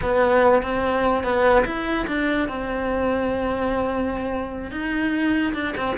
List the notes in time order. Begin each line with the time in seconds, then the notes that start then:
0.02 B3
0.62 C4
1.23 B3
1.65 E4
2.07 D4
2.48 C4
4.71 D#4
5.53 D4
5.76 C4